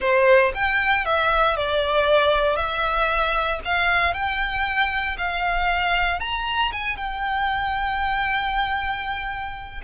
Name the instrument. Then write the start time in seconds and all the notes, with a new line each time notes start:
violin
0.00 C5
0.54 G5
1.05 E5
1.56 D5
2.56 E5
3.65 F5
4.13 G5
5.17 F5
6.20 A#5
6.71 G#5
6.96 G5